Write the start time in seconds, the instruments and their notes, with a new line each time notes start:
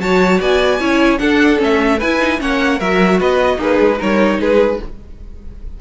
0.00 cello F#3, viola F#4, violin C#5 A5
0.41 cello B3, violin D5 G#5
0.80 cello C#4, viola E4, violin C#5
1.19 viola D4, cello D4, violin A4 F#5
1.58 cello A3, viola C#4
1.65 violin E5
1.98 cello E4, viola E4, violin B4 G#5
2.20 viola D#4
2.39 cello A#3, viola C#4, violin C#5 F#5
2.79 cello F#3, viola F#4, violin A#4 E5
3.20 cello B3, violin B4 D#5
3.57 cello A#3, violin D#4 B4, viola G#4
3.80 cello G#3
3.99 cello G3, viola D#4, violin A#4 C#5
4.40 cello G#3, violin G#4 B4